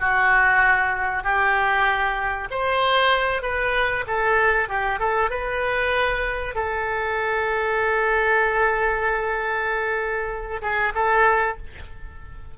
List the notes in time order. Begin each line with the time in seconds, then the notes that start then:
0.00 F#4
1.24 G4
2.51 C5
3.42 B4
4.07 A4
4.69 G4
5.00 A4
5.30 B4
6.55 A4
10.62 G#4
10.95 A4